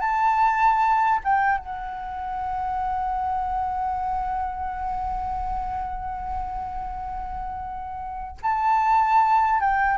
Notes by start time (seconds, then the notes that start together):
0.00 A5
1.24 G5
1.58 F#5
8.42 A5
9.60 G5